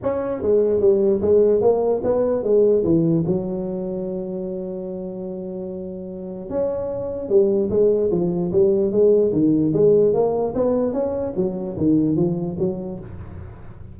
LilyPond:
\new Staff \with { instrumentName = "tuba" } { \time 4/4 \tempo 4 = 148 cis'4 gis4 g4 gis4 | ais4 b4 gis4 e4 | fis1~ | fis1 |
cis'2 g4 gis4 | f4 g4 gis4 dis4 | gis4 ais4 b4 cis'4 | fis4 dis4 f4 fis4 | }